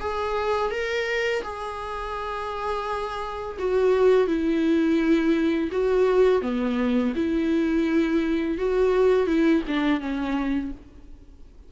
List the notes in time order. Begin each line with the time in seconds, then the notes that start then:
0.00 G#4
0.71 A#4
1.43 G#4
3.59 F#4
4.27 E4
5.72 F#4
6.42 B3
7.15 E4
8.58 F#4
9.27 E4
9.68 D4
10.00 C#4